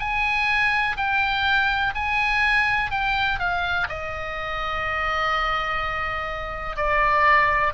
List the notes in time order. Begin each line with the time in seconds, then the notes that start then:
0.00 G#5
0.97 G5
1.95 G#5
2.91 G5
3.39 F5
3.89 D#5
6.77 D5